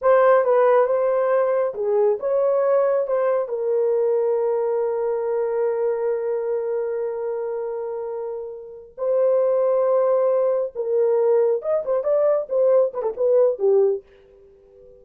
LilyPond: \new Staff \with { instrumentName = "horn" } { \time 4/4 \tempo 4 = 137 c''4 b'4 c''2 | gis'4 cis''2 c''4 | ais'1~ | ais'1~ |
ais'1~ | ais'8 c''2.~ c''8~ | c''8 ais'2 dis''8 c''8 d''8~ | d''8 c''4 b'16 a'16 b'4 g'4 | }